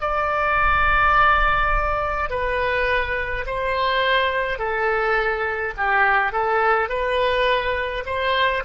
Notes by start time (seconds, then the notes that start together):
0.00 D5
2.30 B4
3.46 C5
4.58 A4
5.76 G4
6.32 A4
6.89 B4
8.06 C5